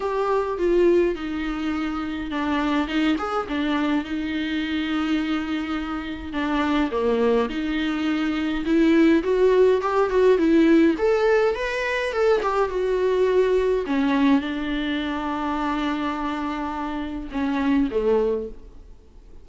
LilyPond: \new Staff \with { instrumentName = "viola" } { \time 4/4 \tempo 4 = 104 g'4 f'4 dis'2 | d'4 dis'8 gis'8 d'4 dis'4~ | dis'2. d'4 | ais4 dis'2 e'4 |
fis'4 g'8 fis'8 e'4 a'4 | b'4 a'8 g'8 fis'2 | cis'4 d'2.~ | d'2 cis'4 a4 | }